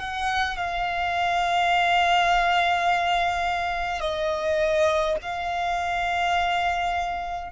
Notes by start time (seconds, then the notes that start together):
0.00 F#5
0.57 F5
4.01 D#5
5.22 F5